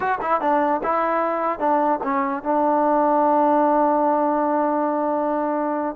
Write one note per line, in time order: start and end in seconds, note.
0.00 0.18 F#4
0.21 0.40 E4
0.40 0.81 D4
0.83 1.59 E4
1.59 1.99 D4
2.03 2.43 C#4
2.43 5.95 D4